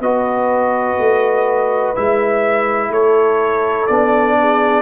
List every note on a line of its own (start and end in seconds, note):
0.00 0.97 B3
0.00 1.96 F#4
0.00 2.92 B4
0.00 1.96 D#5
0.99 1.96 A3
1.96 2.90 G#3
1.96 3.90 E4
1.96 2.92 E5
2.90 3.86 A3
2.90 4.37 A4
2.90 3.87 C#5
3.87 4.82 B3
3.87 4.82 D4
3.87 4.82 D5
4.40 4.82 G#4